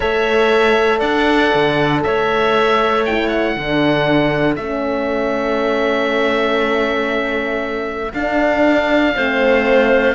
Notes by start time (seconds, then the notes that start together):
0.00 A3 A4 C#5 E5
0.99 D4 D5 F#5
1.54 D3
2.03 A3 C#5 E5
3.05 E4 G5
3.27 F#5
3.56 D3 D4 A4
4.56 A3 C#4 E5
8.13 D4 F5
9.15 A3 C4 C5